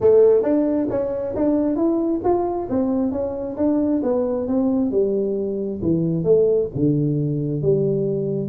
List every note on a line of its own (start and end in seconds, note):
0.00 0.42 A3
0.42 0.87 D4
0.90 1.34 C#4
1.35 1.76 D4
1.76 2.21 E4
2.24 2.69 F4
2.69 3.11 C4
3.11 3.56 C#4
3.56 4.01 D4
4.02 4.47 B3
4.47 4.91 C4
4.91 5.80 G3
5.81 6.24 E3
6.24 6.68 A3
6.74 7.62 D3
7.62 8.49 G3